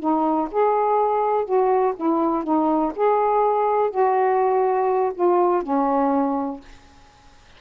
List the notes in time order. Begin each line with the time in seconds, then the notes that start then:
0.00 D#4
0.51 G#4
1.45 F#4
1.96 E4
2.44 D#4
2.96 G#4
3.91 F#4
5.15 F4
5.63 C#4